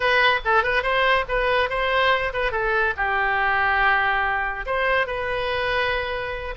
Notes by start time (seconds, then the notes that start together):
0.00 B4
0.44 A4
0.63 B4
0.82 C5
1.28 B4
1.69 C5
2.33 B4
2.51 A4
2.96 G4
4.66 C5
5.06 B4